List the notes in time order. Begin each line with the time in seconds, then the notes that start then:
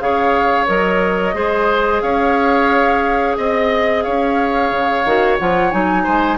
0.00 C#3 G#4 C#5 F5
0.67 F#3 A#4 D#5
1.34 G#3 G#4 C5
2.02 C#4 C#5 F5
3.38 C4 D#5
4.03 C#4 C#5 F5
4.72 C#3
5.05 D#3 F#4
5.39 F3 F4 F#5
5.71 F#3 D#4 G#5
6.04 G#3 C5